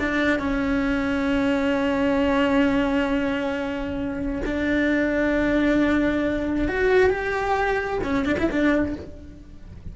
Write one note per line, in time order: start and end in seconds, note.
0.00 0.39 D4
0.39 4.42 C#4
4.46 6.69 D4
6.69 7.10 F#4
7.10 8.00 G4
8.04 8.26 C#4
8.26 8.37 D4
8.40 8.51 E4
8.52 8.96 D4